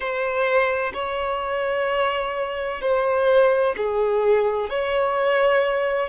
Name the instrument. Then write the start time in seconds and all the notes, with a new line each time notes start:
violin
0.00 C5
0.93 C#5
2.81 C5
3.76 G#4
4.69 C#5